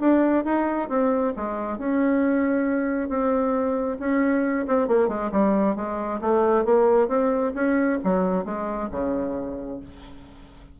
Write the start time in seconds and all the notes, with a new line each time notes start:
0.00 D4
0.44 D#4
0.88 C4
1.36 G#3
1.78 C#4
3.09 C4
3.99 C#4
4.67 C4
4.87 A#3
5.08 G#3
5.32 G3
5.75 G#3
6.21 A3
6.65 A#3
7.08 C4
7.54 C#4
8.03 F#3
8.44 G#3
8.91 C#3